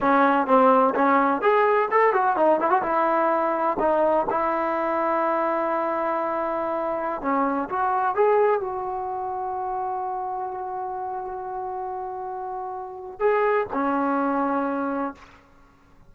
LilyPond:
\new Staff \with { instrumentName = "trombone" } { \time 4/4 \tempo 4 = 127 cis'4 c'4 cis'4 gis'4 | a'8 fis'8 dis'8 e'16 fis'16 e'2 | dis'4 e'2.~ | e'2.~ e'16 cis'8.~ |
cis'16 fis'4 gis'4 fis'4.~ fis'16~ | fis'1~ | fis'1 | gis'4 cis'2. | }